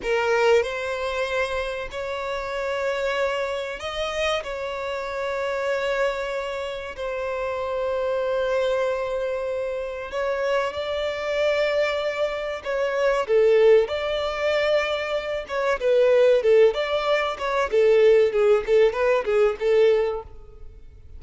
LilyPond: \new Staff \with { instrumentName = "violin" } { \time 4/4 \tempo 4 = 95 ais'4 c''2 cis''4~ | cis''2 dis''4 cis''4~ | cis''2. c''4~ | c''1 |
cis''4 d''2. | cis''4 a'4 d''2~ | d''8 cis''8 b'4 a'8 d''4 cis''8 | a'4 gis'8 a'8 b'8 gis'8 a'4 | }